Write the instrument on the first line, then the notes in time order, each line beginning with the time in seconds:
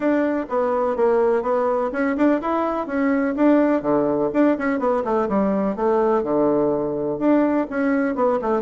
bassoon
0.00 D4
0.49 B3
0.96 A#3
1.42 B3
1.92 C#4
2.16 D4
2.41 E4
2.87 C#4
3.36 D4
3.81 D3
4.33 D4
4.58 C#4
4.79 B3
5.04 A3
5.28 G3
5.76 A3
6.23 D3
7.19 D4
7.70 C#4
8.15 B3
8.41 A3